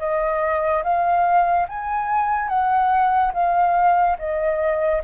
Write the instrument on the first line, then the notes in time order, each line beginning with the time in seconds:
flute
0.00 D#5
0.84 F5
1.69 G#5
2.49 F#5
3.34 F5
4.19 D#5